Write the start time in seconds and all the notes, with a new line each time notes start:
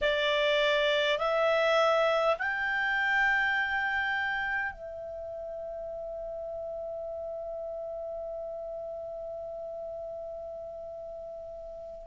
0.01 D5
1.18 E5
2.39 G5
4.72 E5